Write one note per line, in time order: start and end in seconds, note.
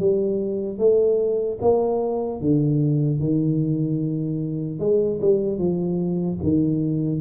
0.00 0.79 G3
0.79 1.59 A3
1.62 2.41 A#3
2.41 3.20 D3
3.20 4.80 D#3
4.80 5.20 G#3
5.21 5.59 G3
5.59 6.39 F3
6.43 7.21 D#3